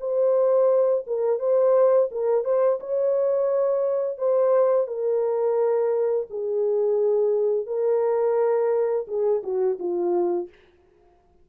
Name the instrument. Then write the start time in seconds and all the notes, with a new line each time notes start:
horn
0.00 C5
1.07 A#4
1.39 C5
2.11 A#4
2.44 C5
2.80 C#5
4.18 C5
4.87 A#4
6.30 G#4
7.66 A#4
9.07 G#4
9.43 F#4
9.79 F4